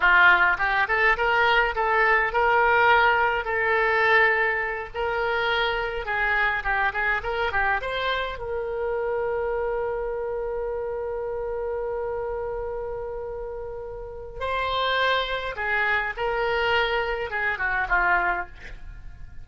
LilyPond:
\new Staff \with { instrumentName = "oboe" } { \time 4/4 \tempo 4 = 104 f'4 g'8 a'8 ais'4 a'4 | ais'2 a'2~ | a'8 ais'2 gis'4 g'8 | gis'8 ais'8 g'8 c''4 ais'4.~ |
ais'1~ | ais'1~ | ais'4 c''2 gis'4 | ais'2 gis'8 fis'8 f'4 | }